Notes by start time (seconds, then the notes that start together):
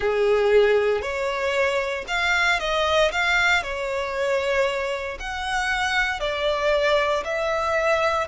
0.00 G#4
1.01 C#5
2.07 F5
2.59 D#5
3.11 F5
3.62 C#5
5.19 F#5
6.20 D5
7.24 E5